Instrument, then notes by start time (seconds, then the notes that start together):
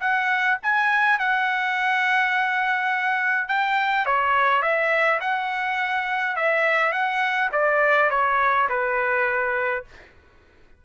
trumpet
0.00 F#5
0.62 G#5
1.19 F#5
3.48 G5
4.06 C#5
4.62 E5
5.21 F#5
6.36 E5
6.92 F#5
7.52 D5
8.10 C#5
8.69 B4